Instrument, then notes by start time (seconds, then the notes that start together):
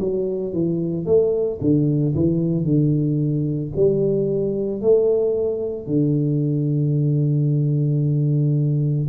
tuba
0.00 F#3
0.54 E3
1.06 A3
1.61 D3
2.16 E3
2.65 D3
3.76 G3
4.82 A3
5.87 D3